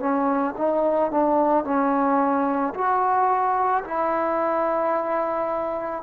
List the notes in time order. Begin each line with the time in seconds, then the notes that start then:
0.00 C#4
0.58 D#4
1.12 D4
1.65 C#4
2.75 F#4
3.85 E4